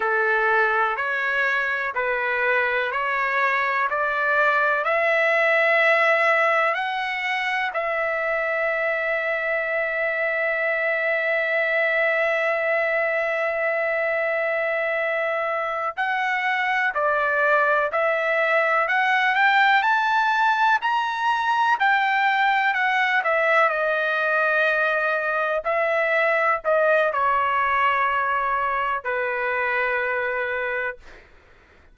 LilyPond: \new Staff \with { instrumentName = "trumpet" } { \time 4/4 \tempo 4 = 62 a'4 cis''4 b'4 cis''4 | d''4 e''2 fis''4 | e''1~ | e''1~ |
e''8 fis''4 d''4 e''4 fis''8 | g''8 a''4 ais''4 g''4 fis''8 | e''8 dis''2 e''4 dis''8 | cis''2 b'2 | }